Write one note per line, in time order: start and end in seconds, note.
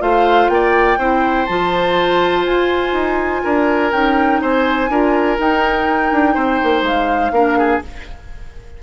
0.00 0.48 A3
0.00 0.98 F4
0.00 0.51 C5
0.00 0.49 F5
0.48 0.97 A#3
0.48 0.98 D5
0.48 1.46 G5
0.98 1.46 C4
0.98 1.47 E4
0.98 3.42 C5
1.46 2.46 F3
1.46 3.92 F4
1.46 2.44 A5
2.45 2.93 F4
2.45 3.91 G#5
2.93 3.41 D#4
3.44 3.92 D4
3.44 4.41 A#4
3.92 4.41 C#4
3.92 4.90 D#4
3.92 4.41 G5
4.41 4.89 C4
4.41 4.90 C5
4.41 5.39 G#5
4.89 5.37 D4
4.89 5.38 F4
4.89 6.34 A#4
5.38 7.33 D#4
5.38 6.11 D#4
5.38 6.84 G5
6.11 6.36 D4
6.34 6.60 C4
6.34 7.32 C5
6.63 6.82 A#3
6.82 7.31 G#3
6.82 7.82 F5
7.31 7.79 A#3
7.31 7.82 D4
7.31 7.58 A#4
7.58 7.82 G#4